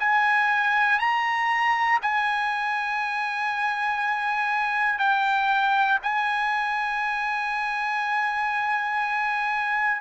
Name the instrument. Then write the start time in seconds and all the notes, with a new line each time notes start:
trumpet
0.00 G#5
1.00 A#5
2.02 G#5
4.99 G5
6.03 G#5